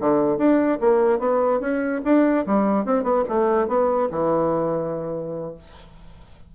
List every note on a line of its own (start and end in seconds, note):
0.00 0.38 D3
0.38 0.79 D4
0.81 1.19 A#3
1.19 1.60 B3
1.60 2.01 C#4
2.05 2.46 D4
2.46 2.85 G3
2.85 3.03 C4
3.03 3.24 B3
3.28 3.68 A3
3.68 4.09 B3
4.11 5.54 E3